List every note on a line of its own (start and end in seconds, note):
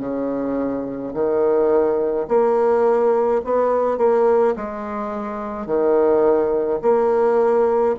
0.00 1.13 C#3
1.14 2.27 D#3
2.28 3.42 A#3
3.45 3.98 B3
3.98 4.55 A#3
4.56 5.67 G#3
5.67 6.80 D#3
6.82 7.96 A#3